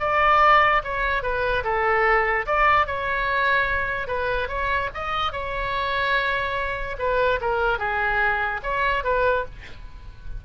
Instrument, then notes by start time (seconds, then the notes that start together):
oboe
0.00 D5
0.84 C#5
1.23 B4
1.64 A4
2.47 D5
2.87 C#5
4.08 B4
4.48 C#5
4.94 D#5
5.32 C#5
6.99 B4
7.41 A#4
7.79 G#4
8.63 C#5
9.04 B4